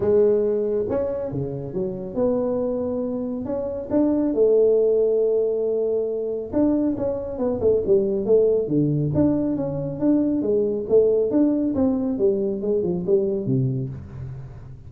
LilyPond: \new Staff \with { instrumentName = "tuba" } { \time 4/4 \tempo 4 = 138 gis2 cis'4 cis4 | fis4 b2. | cis'4 d'4 a2~ | a2. d'4 |
cis'4 b8 a8 g4 a4 | d4 d'4 cis'4 d'4 | gis4 a4 d'4 c'4 | g4 gis8 f8 g4 c4 | }